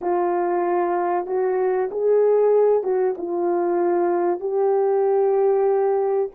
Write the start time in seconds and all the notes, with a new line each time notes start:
0.01 F4
1.26 F#4
1.91 G#4
2.83 F#4
3.18 F4
4.40 G4